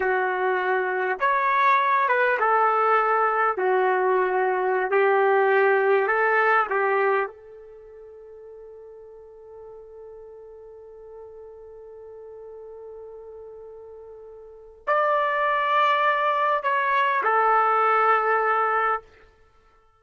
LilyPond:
\new Staff \with { instrumentName = "trumpet" } { \time 4/4 \tempo 4 = 101 fis'2 cis''4. b'8 | a'2 fis'2~ | fis'16 g'2 a'4 g'8.~ | g'16 a'2.~ a'8.~ |
a'1~ | a'1~ | a'4 d''2. | cis''4 a'2. | }